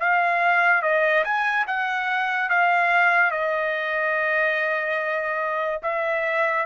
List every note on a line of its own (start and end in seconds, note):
0.00 0.82 F5
0.82 1.24 D#5
1.24 1.66 G#5
1.67 2.50 F#5
2.50 3.31 F5
3.31 5.81 D#5
5.83 6.66 E5